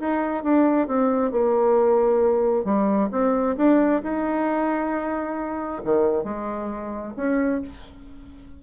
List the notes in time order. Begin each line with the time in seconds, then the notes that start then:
0.00 D#4
0.44 D4
0.88 C4
1.32 A#3
2.65 G3
3.12 C4
3.57 D4
4.03 D#4
5.85 D#3
6.24 G#3
7.17 C#4